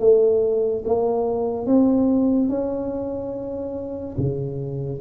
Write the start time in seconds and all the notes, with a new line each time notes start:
0.00 A3
0.85 A#3
1.67 C4
2.49 C#4
4.18 C#3